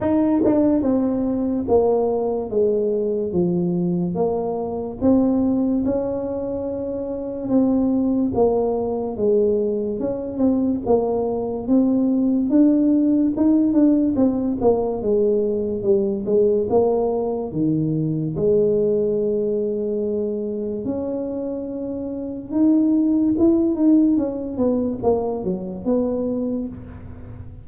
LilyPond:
\new Staff \with { instrumentName = "tuba" } { \time 4/4 \tempo 4 = 72 dis'8 d'8 c'4 ais4 gis4 | f4 ais4 c'4 cis'4~ | cis'4 c'4 ais4 gis4 | cis'8 c'8 ais4 c'4 d'4 |
dis'8 d'8 c'8 ais8 gis4 g8 gis8 | ais4 dis4 gis2~ | gis4 cis'2 dis'4 | e'8 dis'8 cis'8 b8 ais8 fis8 b4 | }